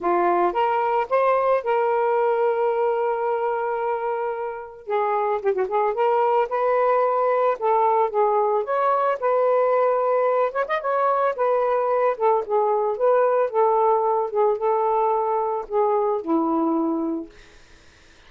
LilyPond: \new Staff \with { instrumentName = "saxophone" } { \time 4/4 \tempo 4 = 111 f'4 ais'4 c''4 ais'4~ | ais'1~ | ais'4 gis'4 g'16 fis'16 gis'8 ais'4 | b'2 a'4 gis'4 |
cis''4 b'2~ b'8 cis''16 dis''16 | cis''4 b'4. a'8 gis'4 | b'4 a'4. gis'8 a'4~ | a'4 gis'4 e'2 | }